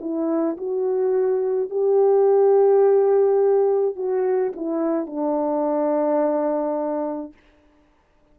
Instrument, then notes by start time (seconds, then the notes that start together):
horn
0.00 E4
0.57 F#4
1.70 G4
3.95 F#4
4.56 E4
5.06 D4